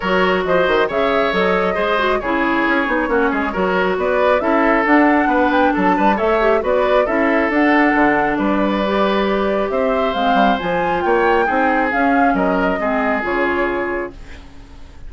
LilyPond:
<<
  \new Staff \with { instrumentName = "flute" } { \time 4/4 \tempo 4 = 136 cis''4 dis''4 e''4 dis''4~ | dis''4 cis''2.~ | cis''4 d''4 e''4 fis''4~ | fis''8 g''8 a''4 e''4 d''4 |
e''4 fis''2 d''4~ | d''2 e''4 f''4 | gis''4 g''2 f''4 | dis''2 cis''2 | }
  \new Staff \with { instrumentName = "oboe" } { \time 4/4 ais'4 c''4 cis''2 | c''4 gis'2 fis'8 gis'8 | ais'4 b'4 a'2 | b'4 a'8 b'8 cis''4 b'4 |
a'2. b'4~ | b'2 c''2~ | c''4 cis''4 gis'2 | ais'4 gis'2. | }
  \new Staff \with { instrumentName = "clarinet" } { \time 4/4 fis'2 gis'4 a'4 | gis'8 fis'8 e'4. dis'8 cis'4 | fis'2 e'4 d'4~ | d'2 a'8 g'8 fis'4 |
e'4 d'2. | g'2. c'4 | f'2 dis'4 cis'4~ | cis'4 c'4 f'2 | }
  \new Staff \with { instrumentName = "bassoon" } { \time 4/4 fis4 f8 dis8 cis4 fis4 | gis4 cis4 cis'8 b8 ais8 gis8 | fis4 b4 cis'4 d'4 | b4 fis8 g8 a4 b4 |
cis'4 d'4 d4 g4~ | g2 c'4 gis8 g8 | f4 ais4 c'4 cis'4 | fis4 gis4 cis2 | }
>>